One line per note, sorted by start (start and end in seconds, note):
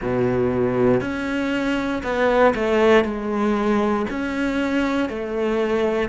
0.01 1.00 B2
1.00 2.02 C#4
2.03 2.54 B3
2.54 3.04 A3
3.04 4.06 G#3
4.10 5.09 C#4
5.09 6.09 A3